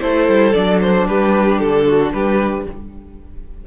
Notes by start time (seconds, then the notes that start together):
0.00 A3 E4 A4 C5
0.28 G3
0.53 F#3 D4 D5
0.81 C5
1.07 G3 G4 B4
1.59 D3 A4
1.87 F#4
2.13 G3 G4 B4